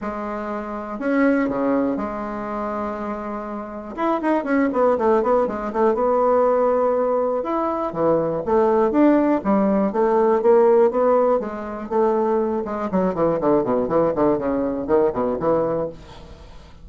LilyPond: \new Staff \with { instrumentName = "bassoon" } { \time 4/4 \tempo 4 = 121 gis2 cis'4 cis4 | gis1 | e'8 dis'8 cis'8 b8 a8 b8 gis8 a8 | b2. e'4 |
e4 a4 d'4 g4 | a4 ais4 b4 gis4 | a4. gis8 fis8 e8 d8 b,8 | e8 d8 cis4 dis8 b,8 e4 | }